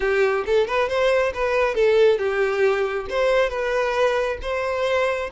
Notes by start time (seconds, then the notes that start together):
0.00 G4
0.45 A4
0.67 B4
0.88 C5
1.34 B4
1.74 A4
2.18 G4
3.09 C5
3.49 B4
4.41 C5